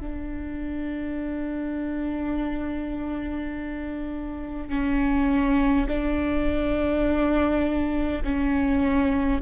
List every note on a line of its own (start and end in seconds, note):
0.00 4.69 D4
4.69 5.87 C#4
5.88 8.23 D4
8.24 9.41 C#4